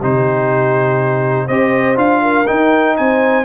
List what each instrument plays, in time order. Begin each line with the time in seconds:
0.00 tuba C3, trombone D#4, horn G4, trumpet C5
1.47 tuba C4, trombone G4, horn C5, trumpet D#5
1.97 tuba D4, trombone F4, trumpet F5
2.22 horn A#4
2.47 trombone D#4, tuba D#4, trumpet G5
2.97 tuba C4, horn C5, trumpet G#5